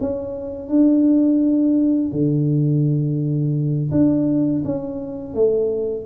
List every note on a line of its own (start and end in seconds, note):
0.00 0.69 C#4
0.69 2.11 D4
2.12 3.90 D3
3.91 4.62 D4
4.64 5.34 C#4
5.34 6.06 A3